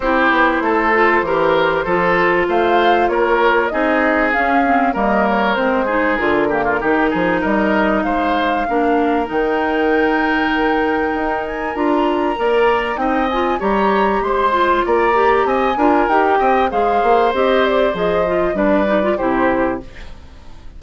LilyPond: <<
  \new Staff \with { instrumentName = "flute" } { \time 4/4 \tempo 4 = 97 c''1 | f''4 cis''4 dis''4 f''4 | dis''8 cis''8 c''4 ais'2 | dis''4 f''2 g''4~ |
g''2~ g''8 gis''8 ais''4~ | ais''4 g''8 gis''8 ais''4 c'''4 | ais''4 gis''4 g''4 f''4 | dis''8 d''8 dis''4 d''4 c''4 | }
  \new Staff \with { instrumentName = "oboe" } { \time 4/4 g'4 a'4 ais'4 a'4 | c''4 ais'4 gis'2 | ais'4. gis'4 g'16 f'16 g'8 gis'8 | ais'4 c''4 ais'2~ |
ais'1 | d''4 dis''4 cis''4 c''4 | d''4 dis''8 ais'4 dis''8 c''4~ | c''2 b'4 g'4 | }
  \new Staff \with { instrumentName = "clarinet" } { \time 4/4 e'4. f'8 g'4 f'4~ | f'2 dis'4 cis'8 c'8 | ais4 c'8 dis'8 f'8 ais8 dis'4~ | dis'2 d'4 dis'4~ |
dis'2. f'4 | ais'4 dis'8 f'8 g'4. f'8~ | f'8 g'4 f'8 g'4 gis'4 | g'4 gis'8 f'8 d'8 dis'16 f'16 e'4 | }
  \new Staff \with { instrumentName = "bassoon" } { \time 4/4 c'8 b8 a4 e4 f4 | a4 ais4 c'4 cis'4 | g4 gis4 d4 dis8 f8 | g4 gis4 ais4 dis4~ |
dis2 dis'4 d'4 | ais4 c'4 g4 gis4 | ais4 c'8 d'8 dis'8 c'8 gis8 ais8 | c'4 f4 g4 c4 | }
>>